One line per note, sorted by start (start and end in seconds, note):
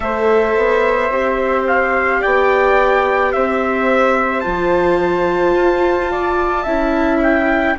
0.00 0.54 A3
0.00 1.10 A4
0.00 2.20 C5
0.00 1.64 E5
0.57 1.09 B3
1.09 2.20 C4
1.09 4.43 G4
1.67 2.22 F5
2.20 3.34 B3
2.20 3.31 D5
2.20 3.32 G5
3.32 4.45 C4
3.32 6.11 C5
3.32 4.40 E5
4.40 5.55 F3
4.40 6.65 F4
4.40 7.18 A5
5.55 6.65 F4
6.11 6.62 D5
6.62 7.76 C#4
6.62 7.77 E4
6.62 7.73 E5
7.22 7.78 G5